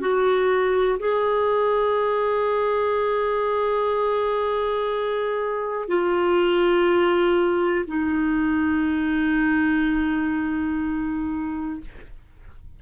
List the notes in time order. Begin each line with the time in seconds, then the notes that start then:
0.00 F#4
0.99 G#4
5.88 F4
7.87 D#4